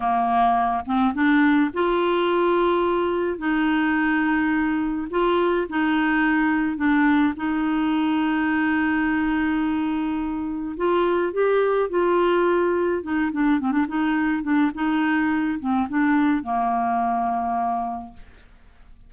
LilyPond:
\new Staff \with { instrumentName = "clarinet" } { \time 4/4 \tempo 4 = 106 ais4. c'8 d'4 f'4~ | f'2 dis'2~ | dis'4 f'4 dis'2 | d'4 dis'2.~ |
dis'2. f'4 | g'4 f'2 dis'8 d'8 | c'16 d'16 dis'4 d'8 dis'4. c'8 | d'4 ais2. | }